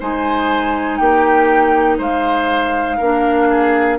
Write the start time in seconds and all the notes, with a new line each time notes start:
0.00 G#3 D#4 C5 G#5
0.97 A#3 G4 G5
1.98 G#3 C5 F5
2.97 A#3 D4 A#4
3.50 G#4